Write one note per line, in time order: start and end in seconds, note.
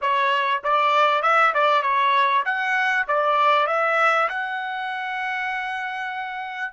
0.01 0.62 C#5
0.63 1.22 D5
1.22 1.53 E5
1.54 1.82 D5
1.82 2.43 C#5
2.45 3.06 F#5
3.08 3.67 D5
3.67 4.28 E5
4.29 6.72 F#5